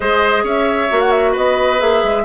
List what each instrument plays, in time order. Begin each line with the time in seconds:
0.00 bassoon G#3, clarinet G#4, oboe C5, flute D#5
0.43 bassoon C#4, oboe C#5, flute E5
0.89 bassoon A#3, clarinet F#4
1.01 flute F#5
1.11 flute E5
1.31 bassoon B3, oboe B4, flute D#5
1.78 bassoon A#3, clarinet G#4, flute E5
2.03 bassoon G#3